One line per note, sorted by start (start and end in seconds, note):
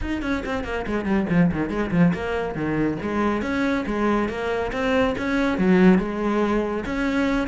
0.01 0.21 D#4
0.21 0.43 C#4
0.45 0.64 C4
0.64 0.85 A#3
0.86 1.05 G#3
1.05 1.26 G3
1.29 1.51 F3
1.52 1.69 D#3
1.69 1.91 G#3
1.91 2.12 F3
2.13 2.54 A#3
2.54 2.97 D#3
3.01 3.42 G#3
3.42 3.85 C#4
3.86 4.28 G#3
4.28 4.71 A#3
4.72 5.15 C4
5.18 5.58 C#4
5.58 5.98 F#3
5.98 6.84 G#3
6.85 7.47 C#4